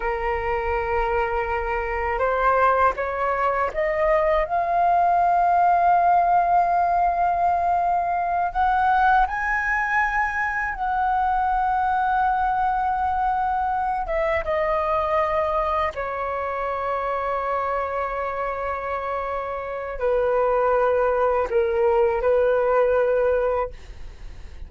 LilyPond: \new Staff \with { instrumentName = "flute" } { \time 4/4 \tempo 4 = 81 ais'2. c''4 | cis''4 dis''4 f''2~ | f''2.~ f''8 fis''8~ | fis''8 gis''2 fis''4.~ |
fis''2. e''8 dis''8~ | dis''4. cis''2~ cis''8~ | cis''2. b'4~ | b'4 ais'4 b'2 | }